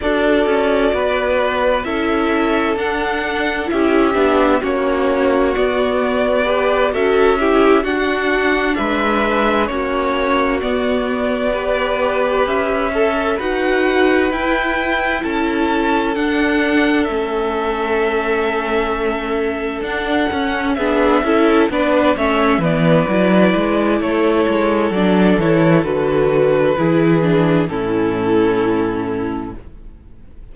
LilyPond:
<<
  \new Staff \with { instrumentName = "violin" } { \time 4/4 \tempo 4 = 65 d''2 e''4 fis''4 | e''4 cis''4 d''4. e''8~ | e''8 fis''4 e''4 cis''4 d''8~ | d''4. e''4 fis''4 g''8~ |
g''8 a''4 fis''4 e''4.~ | e''4. fis''4 e''4 d''8 | e''8 d''4. cis''4 d''8 cis''8 | b'2 a'2 | }
  \new Staff \with { instrumentName = "violin" } { \time 4/4 a'4 b'4 a'2 | g'4 fis'2 b'8 a'8 | g'8 fis'4 b'4 fis'4.~ | fis'8 b'4. a'8 b'4.~ |
b'8 a'2.~ a'8~ | a'2~ a'8 gis'8 a'8 b'8 | cis''8 b'4. a'2~ | a'4 gis'4 e'2 | }
  \new Staff \with { instrumentName = "viola" } { \time 4/4 fis'2 e'4 d'4 | e'8 d'8 cis'4 b4 g'8 fis'8 | e'8 d'2 cis'4 b8~ | b8 g'4. a'8 fis'4 e'8~ |
e'4. d'4 cis'4.~ | cis'4. d'8 cis'8 d'8 e'8 d'8 | cis'8 b8 e'2 d'8 e'8 | fis'4 e'8 d'8 cis'2 | }
  \new Staff \with { instrumentName = "cello" } { \time 4/4 d'8 cis'8 b4 cis'4 d'4 | cis'8 b8 ais4 b4. cis'8~ | cis'8 d'4 gis4 ais4 b8~ | b4. cis'4 dis'4 e'8~ |
e'8 cis'4 d'4 a4.~ | a4. d'8 cis'8 b8 cis'8 b8 | a8 e8 fis8 gis8 a8 gis8 fis8 e8 | d4 e4 a,2 | }
>>